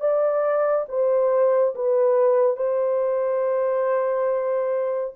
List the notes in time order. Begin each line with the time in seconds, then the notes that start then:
0.00 D5
0.88 C5
1.75 B4
2.56 C5